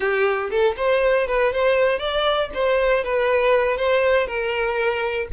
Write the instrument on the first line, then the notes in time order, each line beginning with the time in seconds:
violin
0.00 G4
0.50 A4
0.77 C5
1.27 B4
1.52 C5
1.98 D5
2.53 C5
3.04 B4
3.77 C5
4.26 A#4